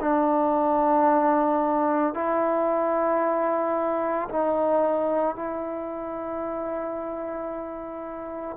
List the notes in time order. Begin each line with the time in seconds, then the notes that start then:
0.00 D4
2.14 E4
4.28 D#4
5.35 E4